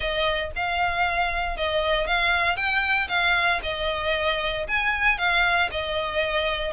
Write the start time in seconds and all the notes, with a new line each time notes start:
0.00 D#5
0.55 F5
1.56 D#5
2.07 F5
2.56 G5
3.08 F5
3.63 D#5
4.67 G#5
5.17 F5
5.71 D#5